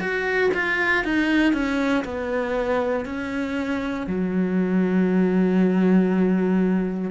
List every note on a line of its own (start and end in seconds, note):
0.00 0.51 F#4
0.54 1.04 F4
1.04 1.53 D#4
1.53 2.04 C#4
2.04 3.06 B3
3.06 4.07 C#4
4.07 7.11 F#3